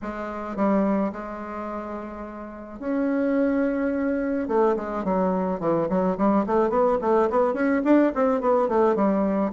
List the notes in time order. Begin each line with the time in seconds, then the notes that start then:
0.02 G#3
0.56 G3
1.12 G#3
2.79 C#4
4.48 A3
4.76 G#3
5.04 F#3
5.60 E3
5.89 F#3
6.17 G3
6.46 A3
6.69 B3
7.01 A3
7.30 B3
7.53 C#4
7.84 D4
8.14 C4
8.41 B3
8.68 A3
8.95 G3